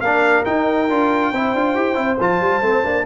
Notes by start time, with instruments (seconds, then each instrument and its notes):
0.00 tuba A#3, trombone D4, horn A#4, trumpet F5
0.45 trombone D#4, tuba D#4, trumpet G5
0.89 tuba D4, trombone F4
1.31 tuba C4, trombone E4, horn C5
1.54 tuba D4, trombone F4
1.75 tuba E4, trombone G4
1.95 tuba C4, trombone E4
2.20 tuba F3, trombone F4, trumpet A5
2.40 tuba G3
2.61 tuba A3, trombone C4
2.83 tuba A#3, trombone D4